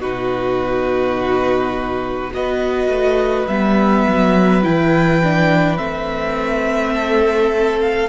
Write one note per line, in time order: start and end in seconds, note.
0.00 2.35 B2
0.00 2.31 D#4
0.00 2.31 F#4
0.00 2.33 B4
2.32 2.89 B3
2.32 3.47 F#4
2.32 6.94 B4
2.32 3.48 D#5
2.89 3.46 A3
3.48 4.06 G3
3.48 4.63 B3
3.48 4.63 E5
4.08 4.65 F#3
4.63 5.79 E3
4.63 5.21 E4
4.63 5.78 G5
5.23 5.78 D4
5.78 8.10 A3
5.78 8.08 C4
5.78 7.80 E5
6.94 8.09 A4
7.81 8.09 F5